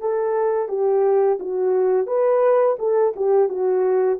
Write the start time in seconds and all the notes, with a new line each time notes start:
0.00 A4
0.68 G4
1.39 F#4
2.06 B4
2.78 A4
3.16 G4
3.49 F#4